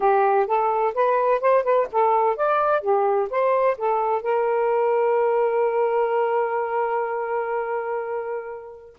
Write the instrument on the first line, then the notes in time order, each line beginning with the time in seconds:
saxophone
0.00 G4
0.46 A4
0.94 B4
1.40 C5
1.63 B4
1.92 A4
2.36 D5
2.81 G4
3.30 C5
3.77 A4
4.22 A#4